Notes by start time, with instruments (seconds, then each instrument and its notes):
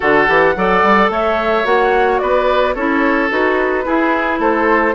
0.00 bassoon D3, clarinet F#4, oboe A4, flute F#5
0.27 bassoon E3, clarinet G4
0.56 bassoon F#3, clarinet A4, oboe D5
0.83 bassoon G3
1.09 bassoon A3, oboe C#5, flute E5
1.64 bassoon A#3, clarinet F#4, flute F#5
2.19 bassoon B3, oboe B4, flute D5
2.74 bassoon C#4, clarinet E4, oboe A4, flute C#5
3.29 bassoon D#4, clarinet F#4, flute B4
3.84 clarinet E4, bassoon E4, oboe G#4
4.39 bassoon A3, oboe A4, flute C5